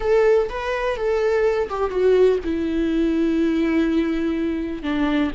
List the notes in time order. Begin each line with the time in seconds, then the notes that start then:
0.00 A4
0.49 B4
0.96 A4
1.69 G4
1.90 F#4
2.44 E4
4.83 D4